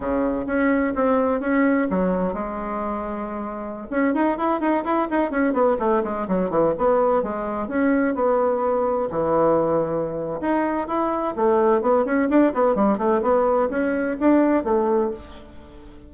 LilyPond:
\new Staff \with { instrumentName = "bassoon" } { \time 4/4 \tempo 4 = 127 cis4 cis'4 c'4 cis'4 | fis4 gis2.~ | gis16 cis'8 dis'8 e'8 dis'8 e'8 dis'8 cis'8 b16~ | b16 a8 gis8 fis8 e8 b4 gis8.~ |
gis16 cis'4 b2 e8.~ | e2 dis'4 e'4 | a4 b8 cis'8 d'8 b8 g8 a8 | b4 cis'4 d'4 a4 | }